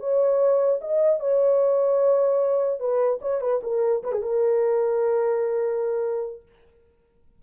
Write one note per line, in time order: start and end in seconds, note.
0.00 0.80 C#5
0.81 1.20 D#5
1.20 2.80 C#5
2.80 3.20 B4
3.21 3.41 C#5
3.41 3.61 B4
3.63 4.03 A#4
4.04 4.13 B4
4.13 4.22 G#4
4.22 6.42 A#4